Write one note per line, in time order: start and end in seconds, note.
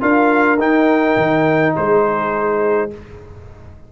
0.00 0.58 D4
0.00 0.58 F4
0.00 1.74 A#4
0.00 0.59 F5
0.58 1.15 D#4
0.58 2.90 D#4
0.58 1.75 G5
1.16 1.74 D#3
1.76 2.92 G#3
1.76 2.91 G#4
1.76 2.91 C5